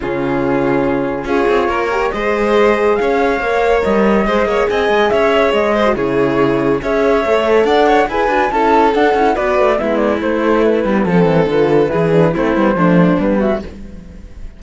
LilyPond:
<<
  \new Staff \with { instrumentName = "flute" } { \time 4/4 \tempo 4 = 141 gis'2. cis''4~ | cis''4 dis''2 f''4~ | f''4 dis''2 gis''4 | e''4 dis''4 cis''2 |
e''2 fis''4 gis''4 | a''4 fis''4 d''4 e''8 d''8 | c''4 b'4 a'4 b'4~ | b'4 c''2 b'8 e''8 | }
  \new Staff \with { instrumentName = "violin" } { \time 4/4 f'2. gis'4 | ais'4 c''2 cis''4~ | cis''2 c''8 cis''8 dis''4 | cis''4. c''8 gis'2 |
cis''2 d''8 cis''8 b'4 | a'2 b'4 e'4~ | e'2 a'2 | gis'4 e'4 d'4. fis'8 | }
  \new Staff \with { instrumentName = "horn" } { \time 4/4 cis'2. f'4~ | f'8 g'8 gis'2. | ais'2 gis'2~ | gis'4.~ gis'16 fis'16 e'2 |
gis'4 a'2 gis'8 fis'8 | e'4 d'8 e'8 fis'4 b4 | a4. b8 c'4 f'4 | e'8 d'8 c'8 b8 a4 b4 | }
  \new Staff \with { instrumentName = "cello" } { \time 4/4 cis2. cis'8 c'8 | ais4 gis2 cis'4 | ais4 g4 gis8 ais8 c'8 gis8 | cis'4 gis4 cis2 |
cis'4 a4 d'4 e'8 d'8 | cis'4 d'8 cis'8 b8 a8 gis4 | a4. g8 f8 e8 d4 | e4 a8 g8 f4 g4 | }
>>